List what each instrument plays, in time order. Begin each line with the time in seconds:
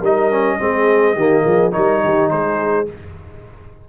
0.00 tuba G3, trombone D#4, horn A#4, trumpet D#5
0.31 trombone C#4
0.59 tuba G#3, trombone C4, horn G#4
1.15 tuba D#3, trombone A#3, horn G4
1.45 tuba F3, horn G#4
1.72 tuba G3, trombone D#4, horn A#4, trumpet C#5
2.04 tuba D#3, horn G4
2.30 tuba G#3, horn G#4, trumpet C5